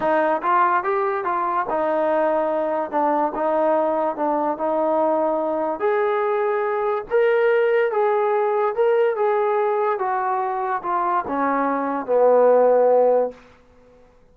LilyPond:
\new Staff \with { instrumentName = "trombone" } { \time 4/4 \tempo 4 = 144 dis'4 f'4 g'4 f'4 | dis'2. d'4 | dis'2 d'4 dis'4~ | dis'2 gis'2~ |
gis'4 ais'2 gis'4~ | gis'4 ais'4 gis'2 | fis'2 f'4 cis'4~ | cis'4 b2. | }